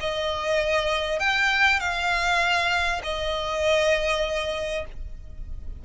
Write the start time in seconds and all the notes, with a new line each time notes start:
0.00 D#5
1.19 G5
1.80 F5
3.03 D#5